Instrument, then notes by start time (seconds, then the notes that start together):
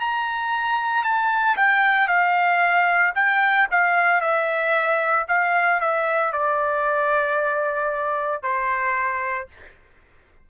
trumpet
0.00 A#5
1.04 A5
1.56 G5
2.08 F5
3.15 G5
3.71 F5
4.21 E5
5.28 F5
5.81 E5
6.33 D5
8.43 C5